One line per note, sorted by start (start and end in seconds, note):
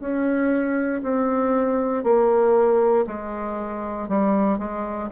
0.00 1.02 C#4
1.03 2.03 C4
2.03 3.05 A#3
3.06 4.08 G#3
4.08 4.58 G3
4.58 5.09 G#3